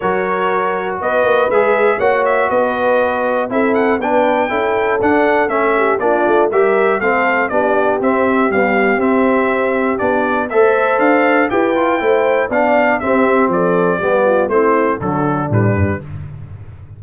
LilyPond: <<
  \new Staff \with { instrumentName = "trumpet" } { \time 4/4 \tempo 4 = 120 cis''2 dis''4 e''4 | fis''8 e''8 dis''2 e''8 fis''8 | g''2 fis''4 e''4 | d''4 e''4 f''4 d''4 |
e''4 f''4 e''2 | d''4 e''4 f''4 g''4~ | g''4 f''4 e''4 d''4~ | d''4 c''4 a'4 b'4 | }
  \new Staff \with { instrumentName = "horn" } { \time 4/4 ais'2 b'2 | cis''4 b'2 a'4 | b'4 a'2~ a'8 g'8 | f'4 ais'4 a'4 g'4~ |
g'1~ | g'4 c''2 b'4 | c''4 d''4 g'4 a'4 | g'8 f'8 e'4 d'2 | }
  \new Staff \with { instrumentName = "trombone" } { \time 4/4 fis'2. gis'4 | fis'2. e'4 | d'4 e'4 d'4 cis'4 | d'4 g'4 c'4 d'4 |
c'4 g4 c'2 | d'4 a'2 g'8 f'8 | e'4 d'4 c'2 | b4 c'4 fis4 g4 | }
  \new Staff \with { instrumentName = "tuba" } { \time 4/4 fis2 b8 ais8 gis4 | ais4 b2 c'4 | b4 cis'4 d'4 a4 | ais8 a8 g4 a4 b4 |
c'4 b4 c'2 | b4 a4 d'4 e'4 | a4 b4 c'4 f4 | g4 a4 d4 a,8 g,8 | }
>>